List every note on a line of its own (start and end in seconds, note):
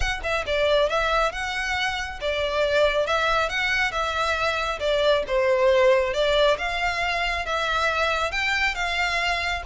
0.00 0.20 F#5
0.23 0.45 E5
0.46 0.89 D5
0.89 1.31 E5
1.31 2.19 F#5
2.20 3.06 D5
3.06 3.49 E5
3.49 3.91 F#5
3.91 4.79 E5
4.79 5.23 D5
5.27 6.13 C5
6.13 6.57 D5
6.58 7.45 F5
7.45 8.31 E5
8.31 8.74 G5
8.74 9.62 F5